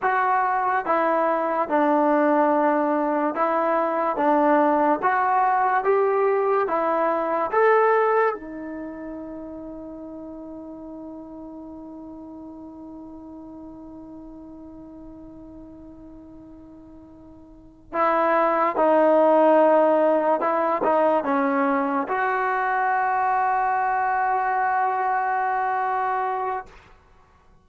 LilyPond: \new Staff \with { instrumentName = "trombone" } { \time 4/4 \tempo 4 = 72 fis'4 e'4 d'2 | e'4 d'4 fis'4 g'4 | e'4 a'4 dis'2~ | dis'1~ |
dis'1~ | dis'4. e'4 dis'4.~ | dis'8 e'8 dis'8 cis'4 fis'4.~ | fis'1 | }